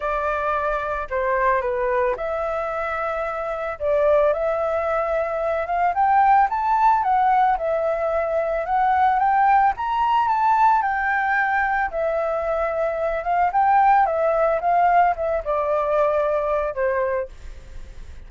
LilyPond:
\new Staff \with { instrumentName = "flute" } { \time 4/4 \tempo 4 = 111 d''2 c''4 b'4 | e''2. d''4 | e''2~ e''8 f''8 g''4 | a''4 fis''4 e''2 |
fis''4 g''4 ais''4 a''4 | g''2 e''2~ | e''8 f''8 g''4 e''4 f''4 | e''8 d''2~ d''8 c''4 | }